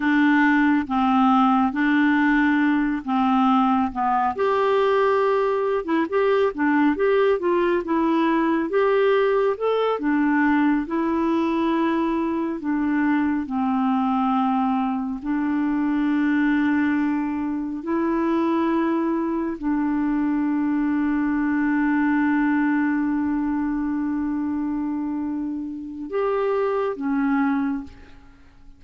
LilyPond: \new Staff \with { instrumentName = "clarinet" } { \time 4/4 \tempo 4 = 69 d'4 c'4 d'4. c'8~ | c'8 b8 g'4.~ g'16 e'16 g'8 d'8 | g'8 f'8 e'4 g'4 a'8 d'8~ | d'8 e'2 d'4 c'8~ |
c'4. d'2~ d'8~ | d'8 e'2 d'4.~ | d'1~ | d'2 g'4 cis'4 | }